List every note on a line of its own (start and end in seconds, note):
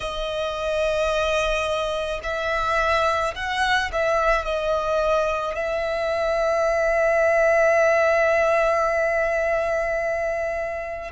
0.00 2.20 D#5
2.23 3.34 E5
3.35 3.90 F#5
3.92 4.44 E5
4.44 5.55 D#5
5.55 11.11 E5